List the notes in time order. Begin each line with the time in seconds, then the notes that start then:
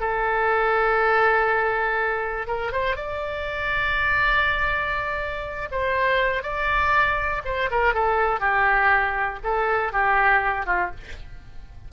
0.00 A4
2.47 A#4
2.72 C5
2.96 D5
5.71 C5
6.43 D5
7.45 C5
7.71 A#4
7.94 A4
8.40 G4
9.43 A4
9.92 G4
10.66 F4